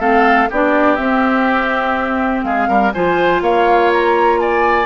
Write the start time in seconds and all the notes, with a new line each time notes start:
0.00 A3 C4 A4 F5
0.50 B3 D4 G4 D5
0.96 C4 E5
2.44 G#3 G#4 F5
2.69 G3 A#4
2.93 F3 F4 C5 G#5
3.42 A#3 C#5 F5
3.93 A#5
4.40 D5 G#5